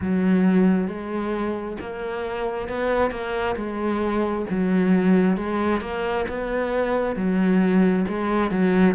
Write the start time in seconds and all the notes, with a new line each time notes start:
0.00 F#3
0.87 G#3
1.80 A#3
2.68 B3
3.10 A#3
3.56 G#3
4.49 F#3
5.36 G#3
5.80 A#3
6.28 B3
7.16 F#3
8.08 G#3
8.51 F#3